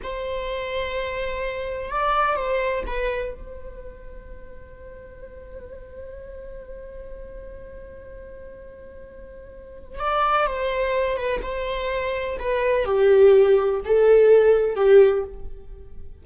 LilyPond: \new Staff \with { instrumentName = "viola" } { \time 4/4 \tempo 4 = 126 c''1 | d''4 c''4 b'4 c''4~ | c''1~ | c''1~ |
c''1~ | c''4 d''4 c''4. b'8 | c''2 b'4 g'4~ | g'4 a'2 g'4 | }